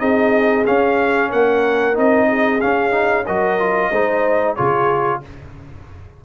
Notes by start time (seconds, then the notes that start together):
0.00 C4 D#4 G#4 D#5
0.67 C#4 F5
1.30 A#3 A#4 F#5
1.94 C4 D#4 D#5
2.29 G#4
2.61 C#4 F5
2.91 D#4
3.26 F#3 F#4 A#4 D#5
3.60 F4
3.91 G#3 D#4 C5
4.56 C#3 F4 G#4 C#5